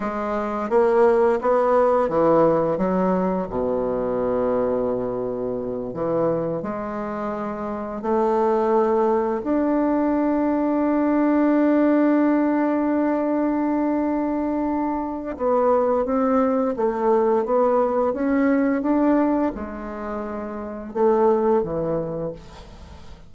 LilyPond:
\new Staff \with { instrumentName = "bassoon" } { \time 4/4 \tempo 4 = 86 gis4 ais4 b4 e4 | fis4 b,2.~ | b,8 e4 gis2 a8~ | a4. d'2~ d'8~ |
d'1~ | d'2 b4 c'4 | a4 b4 cis'4 d'4 | gis2 a4 e4 | }